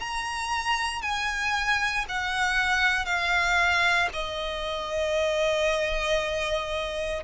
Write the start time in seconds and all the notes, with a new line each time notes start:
0.00 A#5
1.03 G#5
2.09 F#5
3.06 F5
4.14 D#5